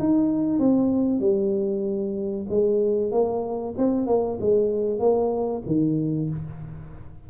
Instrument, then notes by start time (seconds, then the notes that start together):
tuba
0.00 D#4
0.59 C4
1.20 G3
2.50 G#3
3.12 A#3
3.78 C4
4.07 A#3
4.41 G#3
5.00 A#3
5.67 D#3